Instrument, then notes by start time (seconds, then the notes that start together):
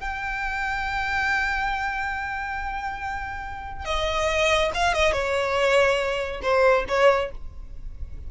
violin
0.00 G5
3.85 D#5
4.74 F5
4.94 D#5
5.12 C#5
6.42 C5
6.88 C#5